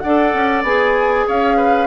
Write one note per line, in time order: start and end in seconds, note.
0.00 0.34 D4
0.00 1.27 D5
0.00 0.62 F#5
0.07 0.65 A4
0.34 0.63 C#4
0.63 1.26 B3
0.63 1.87 G#4
0.63 1.27 G#5
1.27 1.87 C#4
1.27 1.57 C#5
1.27 1.87 F5
1.57 1.87 B4